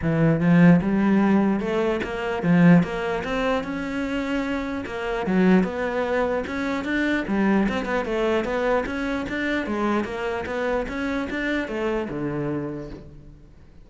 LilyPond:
\new Staff \with { instrumentName = "cello" } { \time 4/4 \tempo 4 = 149 e4 f4 g2 | a4 ais4 f4 ais4 | c'4 cis'2. | ais4 fis4 b2 |
cis'4 d'4 g4 c'8 b8 | a4 b4 cis'4 d'4 | gis4 ais4 b4 cis'4 | d'4 a4 d2 | }